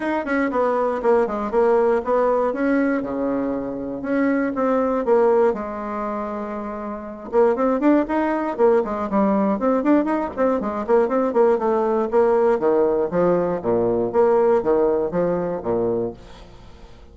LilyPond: \new Staff \with { instrumentName = "bassoon" } { \time 4/4 \tempo 4 = 119 dis'8 cis'8 b4 ais8 gis8 ais4 | b4 cis'4 cis2 | cis'4 c'4 ais4 gis4~ | gis2~ gis8 ais8 c'8 d'8 |
dis'4 ais8 gis8 g4 c'8 d'8 | dis'8 c'8 gis8 ais8 c'8 ais8 a4 | ais4 dis4 f4 ais,4 | ais4 dis4 f4 ais,4 | }